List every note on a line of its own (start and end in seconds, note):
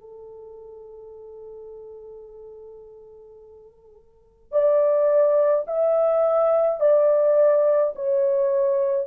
0.00 4.52 A4
4.52 5.65 D5
5.67 6.80 E5
6.80 7.93 D5
7.96 9.07 C#5